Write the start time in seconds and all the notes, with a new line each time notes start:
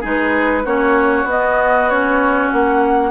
0.00 G#3 D#4 G#4
0.07 B4
0.64 A#3 C#4 F#4 C#5
1.24 B3 D#5
1.89 C#4 C#5
2.51 A#3 F#5